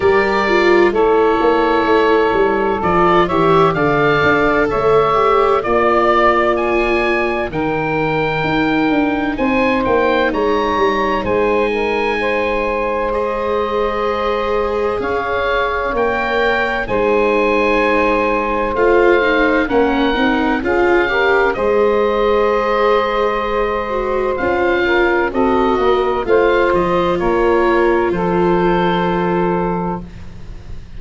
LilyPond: <<
  \new Staff \with { instrumentName = "oboe" } { \time 4/4 \tempo 4 = 64 d''4 cis''2 d''8 e''8 | f''4 e''4 d''4 gis''4 | g''2 gis''8 g''8 ais''4 | gis''2 dis''2 |
f''4 g''4 gis''2 | f''4 fis''4 f''4 dis''4~ | dis''2 f''4 dis''4 | f''8 dis''8 cis''4 c''2 | }
  \new Staff \with { instrumentName = "saxophone" } { \time 4/4 ais'4 a'2~ a'8 cis''8 | d''4 cis''4 d''2 | ais'2 c''4 cis''4 | c''8 ais'8 c''2. |
cis''2 c''2~ | c''4 ais'4 gis'8 ais'8 c''4~ | c''2~ c''8 ais'8 a'8 ais'8 | c''4 ais'4 a'2 | }
  \new Staff \with { instrumentName = "viola" } { \time 4/4 g'8 f'8 e'2 f'8 g'8 | a'4. g'8 f'2 | dis'1~ | dis'2 gis'2~ |
gis'4 ais'4 dis'2 | f'8 dis'8 cis'8 dis'8 f'8 g'8 gis'4~ | gis'4. fis'8 f'4 fis'4 | f'1 | }
  \new Staff \with { instrumentName = "tuba" } { \time 4/4 g4 a8 ais8 a8 g8 f8 e8 | d8 d'8 a4 ais2 | dis4 dis'8 d'8 c'8 ais8 gis8 g8 | gis1 |
cis'4 ais4 gis2 | a4 ais8 c'8 cis'4 gis4~ | gis2 cis'4 c'8 ais8 | a8 f8 ais4 f2 | }
>>